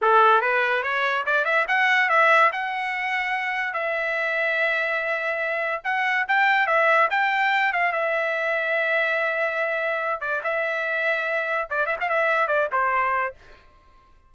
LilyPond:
\new Staff \with { instrumentName = "trumpet" } { \time 4/4 \tempo 4 = 144 a'4 b'4 cis''4 d''8 e''8 | fis''4 e''4 fis''2~ | fis''4 e''2.~ | e''2 fis''4 g''4 |
e''4 g''4. f''8 e''4~ | e''1~ | e''8 d''8 e''2. | d''8 e''16 f''16 e''4 d''8 c''4. | }